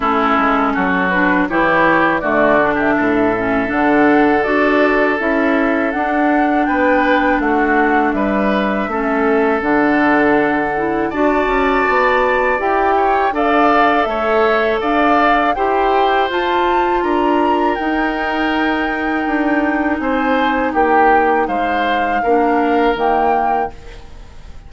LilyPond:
<<
  \new Staff \with { instrumentName = "flute" } { \time 4/4 \tempo 4 = 81 a'4. b'8 cis''4 d''8. e''16~ | e''4 fis''4 d''4 e''4 | fis''4 g''4 fis''4 e''4~ | e''4 fis''2 a''4~ |
a''4 g''4 f''4 e''4 | f''4 g''4 a''4 ais''4 | g''2. gis''4 | g''4 f''2 g''4 | }
  \new Staff \with { instrumentName = "oboe" } { \time 4/4 e'4 fis'4 g'4 fis'8. g'16 | a'1~ | a'4 b'4 fis'4 b'4 | a'2. d''4~ |
d''4. cis''8 d''4 cis''4 | d''4 c''2 ais'4~ | ais'2. c''4 | g'4 c''4 ais'2 | }
  \new Staff \with { instrumentName = "clarinet" } { \time 4/4 cis'4. d'8 e'4 a8 d'8~ | d'8 cis'8 d'4 fis'4 e'4 | d'1 | cis'4 d'4. e'8 fis'4~ |
fis'4 g'4 a'2~ | a'4 g'4 f'2 | dis'1~ | dis'2 d'4 ais4 | }
  \new Staff \with { instrumentName = "bassoon" } { \time 4/4 a8 gis8 fis4 e4 d4 | a,4 d4 d'4 cis'4 | d'4 b4 a4 g4 | a4 d2 d'8 cis'8 |
b4 e'4 d'4 a4 | d'4 e'4 f'4 d'4 | dis'2 d'4 c'4 | ais4 gis4 ais4 dis4 | }
>>